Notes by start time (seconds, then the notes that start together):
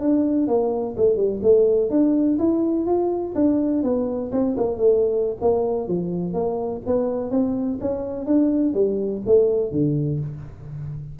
0.00 D4
0.47 A#3
0.97 A3
1.16 G3
1.42 A3
1.90 D4
2.38 E4
2.86 F4
3.35 D4
3.83 B3
4.32 C4
4.57 A#3
4.77 A3
5.41 A#3
5.88 F3
6.33 A#3
6.86 B3
7.31 C4
7.80 C#4
8.26 D4
8.74 G3
9.26 A3
9.71 D3